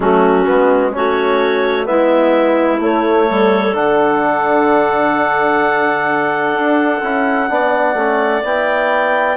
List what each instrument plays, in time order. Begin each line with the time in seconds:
0.00 bassoon F#3, trombone A3, clarinet C#4 F#4
0.45 bassoon G#3, trombone B3
0.92 bassoon A3, trombone C#4, clarinet F#4 C#5
1.85 bassoon G#3, trombone B3, clarinet E4 E5
2.79 bassoon A3, trombone A3, clarinet C#5
3.27 bassoon G3, clarinet A4
3.72 bassoon D3, trombone D4, clarinet F#5
6.54 bassoon D4
7.02 bassoon C#4, trombone E4
7.48 bassoon B3, trombone D4, clarinet D5
7.94 bassoon A3, trombone C#4
8.43 bassoon B3, trombone E4, clarinet G5